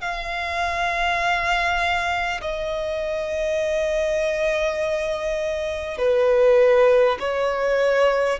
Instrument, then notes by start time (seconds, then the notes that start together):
violin
0.00 F5
2.41 D#5
5.97 B4
7.19 C#5